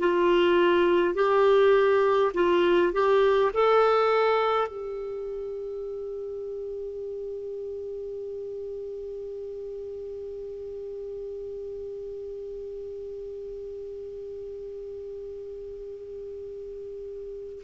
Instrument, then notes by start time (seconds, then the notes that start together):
clarinet
0.00 F4
1.15 G4
2.34 F4
2.93 G4
3.54 A4
4.68 G4